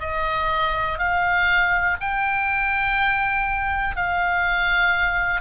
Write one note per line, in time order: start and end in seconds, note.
0.00 0.98 D#5
0.98 1.96 F5
2.00 3.96 G5
3.96 5.41 F5